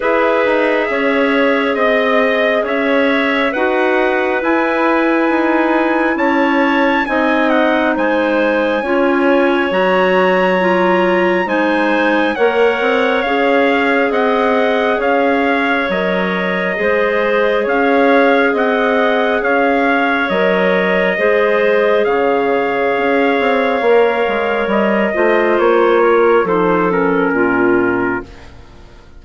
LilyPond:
<<
  \new Staff \with { instrumentName = "trumpet" } { \time 4/4 \tempo 4 = 68 e''2 dis''4 e''4 | fis''4 gis''2 a''4 | gis''8 fis''8 gis''2 ais''4~ | ais''4 gis''4 fis''4 f''4 |
fis''4 f''4 dis''2 | f''4 fis''4 f''4 dis''4~ | dis''4 f''2. | dis''4 cis''4 c''8 ais'4. | }
  \new Staff \with { instrumentName = "clarinet" } { \time 4/4 b'4 cis''4 dis''4 cis''4 | b'2. cis''4 | dis''4 c''4 cis''2~ | cis''4 c''4 cis''2 |
dis''4 cis''2 c''4 | cis''4 dis''4 cis''2 | c''4 cis''2.~ | cis''8 c''4 ais'8 a'4 f'4 | }
  \new Staff \with { instrumentName = "clarinet" } { \time 4/4 gis'1 | fis'4 e'2. | dis'2 f'4 fis'4 | f'4 dis'4 ais'4 gis'4~ |
gis'2 ais'4 gis'4~ | gis'2. ais'4 | gis'2. ais'4~ | ais'8 f'4. dis'8 cis'4. | }
  \new Staff \with { instrumentName = "bassoon" } { \time 4/4 e'8 dis'8 cis'4 c'4 cis'4 | dis'4 e'4 dis'4 cis'4 | c'4 gis4 cis'4 fis4~ | fis4 gis4 ais8 c'8 cis'4 |
c'4 cis'4 fis4 gis4 | cis'4 c'4 cis'4 fis4 | gis4 cis4 cis'8 c'8 ais8 gis8 | g8 a8 ais4 f4 ais,4 | }
>>